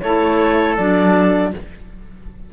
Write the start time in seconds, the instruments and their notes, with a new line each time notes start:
0.00 cello A3, clarinet E4 C#5, oboe A4
0.78 cello F#3, clarinet D4 D5